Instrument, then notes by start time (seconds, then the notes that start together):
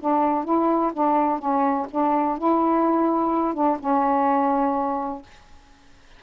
saxophone
0.00 D4
0.45 E4
0.93 D4
1.39 C#4
1.91 D4
2.38 E4
3.54 D4
3.79 C#4